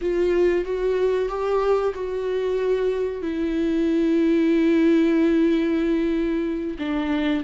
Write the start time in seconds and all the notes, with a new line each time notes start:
0.01 F4
0.64 F#4
1.28 G4
1.94 F#4
3.22 E4
6.78 D4